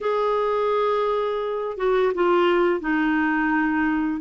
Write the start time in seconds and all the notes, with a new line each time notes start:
0.01 G#4
1.77 F#4
2.14 F4
2.80 D#4